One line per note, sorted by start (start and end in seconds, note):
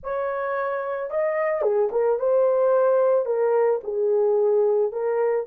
0.03 1.10 C#5
1.10 1.62 D#5
1.62 1.89 G#4
1.91 2.19 A#4
2.19 3.25 C5
3.25 3.80 A#4
3.83 4.92 G#4
4.92 5.46 A#4